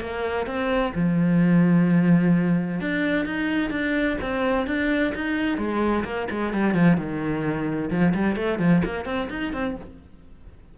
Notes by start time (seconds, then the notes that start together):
0.00 A#3
0.46 C4
0.95 F3
2.80 D4
3.25 D#4
3.70 D4
4.21 C4
4.67 D4
5.15 D#4
5.57 G#3
6.04 A#3
6.30 G#3
6.53 G3
6.74 F3
6.97 D#3
7.90 F3
8.14 G3
8.36 A3
8.59 F3
8.85 A#3
9.05 C4
9.30 D#4
9.53 C4